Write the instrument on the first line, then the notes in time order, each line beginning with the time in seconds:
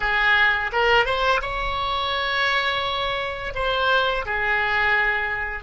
oboe
0.00 G#4
0.72 A#4
1.05 C5
1.41 C#5
3.54 C5
4.25 G#4